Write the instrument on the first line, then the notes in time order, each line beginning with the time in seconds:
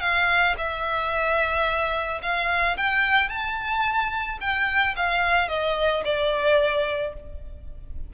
violin
0.00 F5
0.57 E5
2.22 F5
2.77 G5
3.29 A5
4.40 G5
4.96 F5
5.48 D#5
6.04 D5